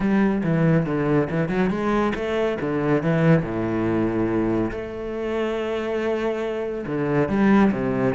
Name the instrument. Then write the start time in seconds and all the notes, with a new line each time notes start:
cello
0.00 G3
0.43 E3
0.86 D3
1.30 E3
1.48 F#3
1.70 G#3
2.15 A3
2.60 D3
3.02 E3
3.42 A2
4.71 A3
6.86 D3
7.28 G3
7.71 C3